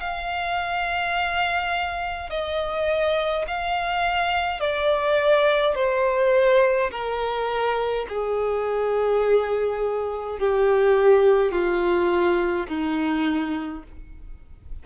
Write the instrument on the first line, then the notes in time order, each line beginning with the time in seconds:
violin
0.00 F5
2.30 D#5
3.48 F5
4.60 D5
5.75 C5
6.91 A#4
8.09 G#4
10.40 G4
11.52 F4
12.68 D#4